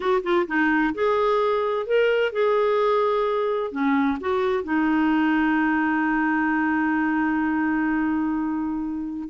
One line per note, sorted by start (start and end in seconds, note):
0.00 0.22 F#4
0.23 0.46 F4
0.47 0.93 D#4
0.94 1.86 G#4
1.86 2.32 A#4
2.32 3.71 G#4
3.71 4.18 C#4
4.20 4.63 F#4
4.63 9.28 D#4